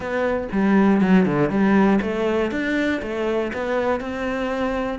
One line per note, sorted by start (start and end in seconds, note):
0.00 0.48 B3
0.51 1.01 G3
1.01 1.25 F#3
1.25 1.49 D3
1.49 1.99 G3
2.01 2.51 A3
2.51 3.01 D4
3.02 3.52 A3
3.53 4.00 B3
4.00 4.99 C4